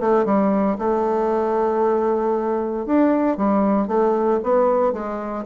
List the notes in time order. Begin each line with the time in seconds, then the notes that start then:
0.00 A3
0.25 G3
0.78 A3
2.86 D4
3.37 G3
3.88 A3
4.43 B3
4.93 G#3